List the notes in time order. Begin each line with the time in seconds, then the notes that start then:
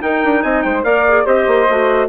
0.00 D#4 A#4 G5
0.24 D4
0.42 C4 D#5 G#5
0.62 G#3 C5 G5
0.83 A#3 A#4 D5 F5
1.08 G#4
1.24 C4 G4 C5 D#5
1.47 A#3
1.69 A3 F#4